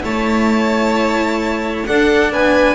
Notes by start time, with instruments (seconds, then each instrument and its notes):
0.00 double bass A3, cello E4, violin C#5 A5
1.86 cello D4, double bass D4, violin A4 F#5
2.32 double bass B3, violin B4 G#5